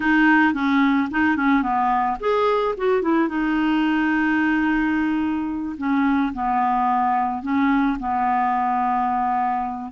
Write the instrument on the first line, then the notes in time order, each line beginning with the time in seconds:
clarinet
0.00 D#4
0.53 C#4
1.10 D#4
1.36 C#4
1.62 B3
2.20 G#4
2.77 F#4
3.02 E4
3.28 D#4
5.77 C#4
6.33 B3
7.42 C#4
7.99 B3